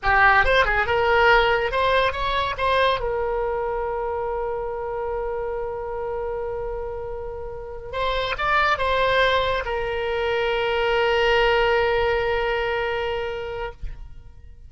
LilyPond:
\new Staff \with { instrumentName = "oboe" } { \time 4/4 \tempo 4 = 140 g'4 c''8 gis'8 ais'2 | c''4 cis''4 c''4 ais'4~ | ais'1~ | ais'1~ |
ais'2~ ais'8 c''4 d''8~ | d''8 c''2 ais'4.~ | ais'1~ | ais'1 | }